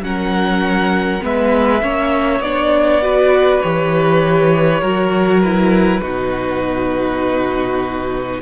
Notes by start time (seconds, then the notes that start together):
0.00 F#3 C#4 A#4 F#5
1.21 G#3 B3 B4 E5
1.82 A#3 C#4 C#5
2.40 B3 D4 D5
3.02 F#4 B4
3.61 E3 G4 C#5
4.81 F#3 F#4 A#4
5.42 E4 B4
6.02 B2 D#4 F#4